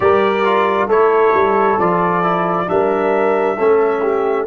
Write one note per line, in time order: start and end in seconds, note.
0.00 0.87 G3
0.00 0.43 G4
0.00 0.88 A#4
0.00 0.89 D5
0.44 0.89 F4
0.87 1.32 A3
0.87 1.79 E4
0.87 2.67 A4
0.87 1.79 C#5
1.33 1.78 G3
1.78 2.68 F3
1.78 2.23 F4
1.78 2.68 D5
2.23 2.67 E4
2.67 3.59 G3
2.67 3.56 D4
2.67 3.57 A#4
2.67 4.46 E5
3.57 4.46 A3
3.57 4.46 C#4
3.57 4.02 A4
4.02 4.46 G4